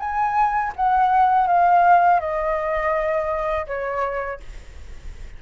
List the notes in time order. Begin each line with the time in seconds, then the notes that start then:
0.00 G#5
0.76 F#5
1.48 F5
2.21 D#5
3.68 C#5